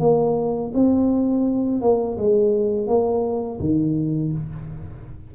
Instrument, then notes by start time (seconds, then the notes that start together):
tuba
0.00 A#3
0.74 C4
1.81 A#3
2.18 G#3
2.87 A#3
3.60 D#3